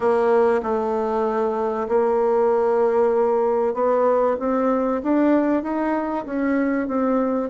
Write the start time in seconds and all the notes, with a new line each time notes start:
0.00 A#3
0.62 A3
1.88 A#3
3.74 B3
4.39 C4
5.03 D4
5.62 D#4
6.25 C#4
6.87 C4